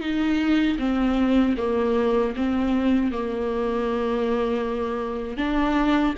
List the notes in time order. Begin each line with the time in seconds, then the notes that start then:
0.00 D#4
0.78 C4
1.57 A#3
2.36 C4
3.11 A#3
5.37 D4